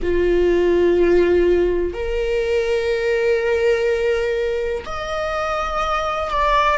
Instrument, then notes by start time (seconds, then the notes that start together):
viola
0.02 F4
1.94 A#4
4.85 D#5
6.30 D5